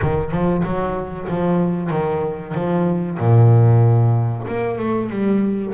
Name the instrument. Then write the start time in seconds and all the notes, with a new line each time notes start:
double bass
0.01 D#3
0.31 F3
0.64 F#3
1.28 F3
1.90 D#3
2.54 F3
3.19 A#2
4.47 A#3
4.78 A3
5.10 G3